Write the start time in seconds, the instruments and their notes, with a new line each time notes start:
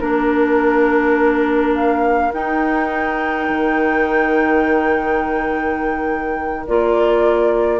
0.00 bassoon A#3, clarinet D4, flute A#4, oboe A#4
1.74 flute F5
2.33 clarinet D#4, bassoon D#4, flute G5
3.48 bassoon D#3
6.66 bassoon A#3, clarinet F4, flute D5